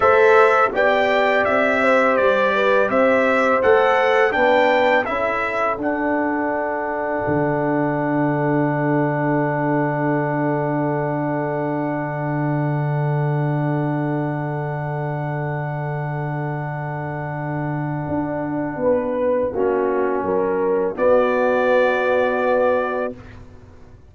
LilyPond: <<
  \new Staff \with { instrumentName = "trumpet" } { \time 4/4 \tempo 4 = 83 e''4 g''4 e''4 d''4 | e''4 fis''4 g''4 e''4 | fis''1~ | fis''1~ |
fis''1~ | fis''1~ | fis''1~ | fis''4 d''2. | }
  \new Staff \with { instrumentName = "horn" } { \time 4/4 c''4 d''4. c''4 b'8 | c''2 b'4 a'4~ | a'1~ | a'1~ |
a'1~ | a'1~ | a'2 b'4 fis'4 | ais'4 fis'2. | }
  \new Staff \with { instrumentName = "trombone" } { \time 4/4 a'4 g'2.~ | g'4 a'4 d'4 e'4 | d'1~ | d'1~ |
d'1~ | d'1~ | d'2. cis'4~ | cis'4 b2. | }
  \new Staff \with { instrumentName = "tuba" } { \time 4/4 a4 b4 c'4 g4 | c'4 a4 b4 cis'4 | d'2 d2~ | d1~ |
d1~ | d1~ | d4 d'4 b4 ais4 | fis4 b2. | }
>>